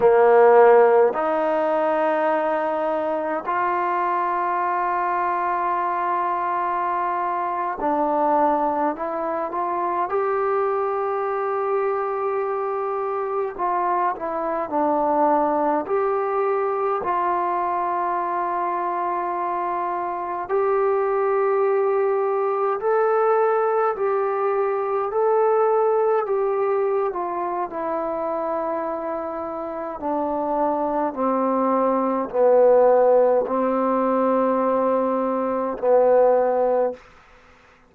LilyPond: \new Staff \with { instrumentName = "trombone" } { \time 4/4 \tempo 4 = 52 ais4 dis'2 f'4~ | f'2~ f'8. d'4 e'16~ | e'16 f'8 g'2. f'16~ | f'16 e'8 d'4 g'4 f'4~ f'16~ |
f'4.~ f'16 g'2 a'16~ | a'8. g'4 a'4 g'8. f'8 | e'2 d'4 c'4 | b4 c'2 b4 | }